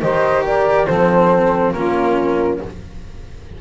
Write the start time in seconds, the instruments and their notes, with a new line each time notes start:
0.00 double bass D#3, cello G4, saxophone C5, flute D#5
0.44 saxophone A#4, flute D5
0.86 double bass F3, cello C4, saxophone A4, flute C5
1.72 double bass A#3, cello C#4, saxophone F4, flute A#4